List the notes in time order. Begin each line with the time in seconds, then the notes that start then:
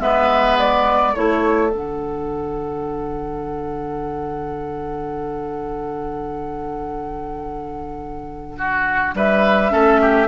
0.00 G#3 B3 B4 E5
0.59 D5
1.14 A3 E4 A4 C#5
1.70 D3 D4 F#5
8.58 F#4
9.15 G3 B4 E5
9.70 A3 C#4 A4
10.02 G4